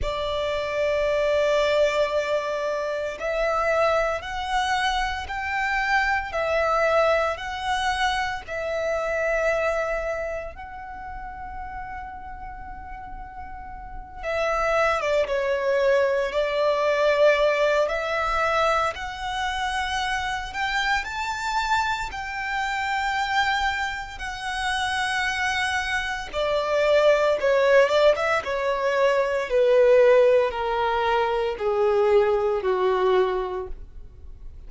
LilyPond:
\new Staff \with { instrumentName = "violin" } { \time 4/4 \tempo 4 = 57 d''2. e''4 | fis''4 g''4 e''4 fis''4 | e''2 fis''2~ | fis''4. e''8. d''16 cis''4 d''8~ |
d''4 e''4 fis''4. g''8 | a''4 g''2 fis''4~ | fis''4 d''4 cis''8 d''16 e''16 cis''4 | b'4 ais'4 gis'4 fis'4 | }